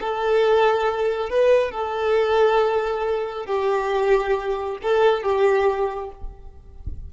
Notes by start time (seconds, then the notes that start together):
0.00 A4
1.29 B4
1.71 A4
3.46 G4
4.82 A4
5.23 G4